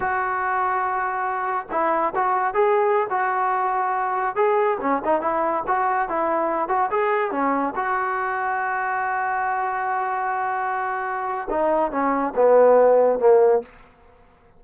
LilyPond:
\new Staff \with { instrumentName = "trombone" } { \time 4/4 \tempo 4 = 141 fis'1 | e'4 fis'4 gis'4~ gis'16 fis'8.~ | fis'2~ fis'16 gis'4 cis'8 dis'16~ | dis'16 e'4 fis'4 e'4. fis'16~ |
fis'16 gis'4 cis'4 fis'4.~ fis'16~ | fis'1~ | fis'2. dis'4 | cis'4 b2 ais4 | }